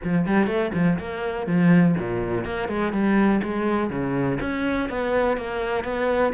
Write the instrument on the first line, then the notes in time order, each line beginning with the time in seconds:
cello
0.04 F3
0.26 G3
0.47 A3
0.74 F3
0.99 A#3
1.46 F3
1.98 A#2
2.44 A#3
2.68 G#3
2.92 G3
3.43 G#3
3.90 C#3
4.40 C#4
4.89 B3
5.37 A#3
5.84 B3